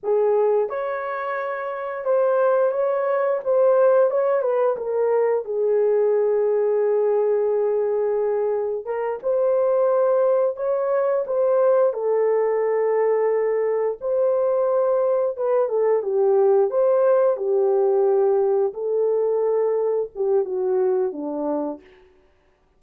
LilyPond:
\new Staff \with { instrumentName = "horn" } { \time 4/4 \tempo 4 = 88 gis'4 cis''2 c''4 | cis''4 c''4 cis''8 b'8 ais'4 | gis'1~ | gis'4 ais'8 c''2 cis''8~ |
cis''8 c''4 a'2~ a'8~ | a'8 c''2 b'8 a'8 g'8~ | g'8 c''4 g'2 a'8~ | a'4. g'8 fis'4 d'4 | }